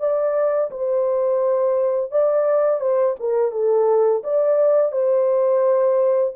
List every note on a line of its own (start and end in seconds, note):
0.00 0.71 D5
0.71 2.12 C5
2.12 2.81 D5
2.81 3.16 C5
3.20 3.52 A#4
3.52 4.23 A4
4.24 4.93 D5
4.93 6.34 C5